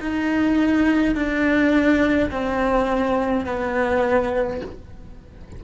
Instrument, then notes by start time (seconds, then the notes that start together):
cello
0.00 D#4
1.15 D4
2.30 C4
3.46 B3